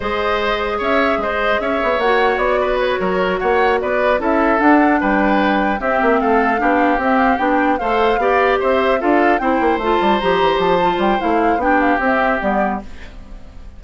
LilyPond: <<
  \new Staff \with { instrumentName = "flute" } { \time 4/4 \tempo 4 = 150 dis''2 e''4 dis''4 | e''4 fis''4 d''4 cis''4~ | cis''8 fis''4 d''4 e''4 fis''8~ | fis''8 g''2 e''4 f''8~ |
f''4. e''8 f''8 g''4 f''8~ | f''4. e''4 f''4 g''8~ | g''8 a''4 ais''4 a''4 g''8 | f''4 g''8 f''8 e''4 d''4 | }
  \new Staff \with { instrumentName = "oboe" } { \time 4/4 c''2 cis''4 c''4 | cis''2~ cis''8 b'4 ais'8~ | ais'8 cis''4 b'4 a'4.~ | a'8 b'2 g'4 a'8~ |
a'8 g'2. c''8~ | c''8 d''4 c''4 a'4 c''8~ | c''1~ | c''4 g'2. | }
  \new Staff \with { instrumentName = "clarinet" } { \time 4/4 gis'1~ | gis'4 fis'2.~ | fis'2~ fis'8 e'4 d'8~ | d'2~ d'8 c'4.~ |
c'8 d'4 c'4 d'4 a'8~ | a'8 g'2 f'4 e'8~ | e'8 f'4 g'4. f'4 | e'4 d'4 c'4 b4 | }
  \new Staff \with { instrumentName = "bassoon" } { \time 4/4 gis2 cis'4 gis4 | cis'8 b8 ais4 b4. fis8~ | fis8 ais4 b4 cis'4 d'8~ | d'8 g2 c'8 ais8 a8~ |
a8 b4 c'4 b4 a8~ | a8 b4 c'4 d'4 c'8 | ais8 a8 g8 f8 e8 f4 g8 | a4 b4 c'4 g4 | }
>>